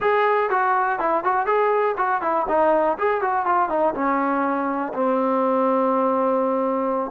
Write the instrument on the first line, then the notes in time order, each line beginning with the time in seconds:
trombone
0.00 G#4
0.50 F#4
0.99 E4
1.24 F#4
1.46 G#4
1.97 F#4
2.21 E4
2.48 D#4
2.98 G#4
3.21 F#4
3.45 F4
3.69 D#4
3.94 C#4
4.93 C4